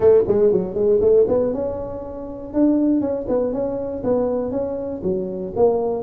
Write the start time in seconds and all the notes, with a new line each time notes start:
0.00 A3
0.27 G#3
0.52 F#3
0.74 G#3
1.00 A3
1.27 B3
1.53 C#4
2.53 D4
3.00 C#4
3.28 B3
3.52 C#4
4.03 B3
4.51 C#4
5.03 F#3
5.56 A#3